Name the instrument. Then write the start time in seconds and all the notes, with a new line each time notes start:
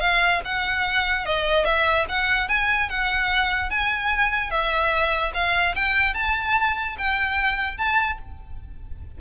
violin
0.00 F5
0.45 F#5
1.25 D#5
1.65 E5
2.09 F#5
2.48 G#5
2.89 F#5
3.70 G#5
4.50 E5
5.34 F5
5.75 G5
6.14 A5
6.98 G5
7.78 A5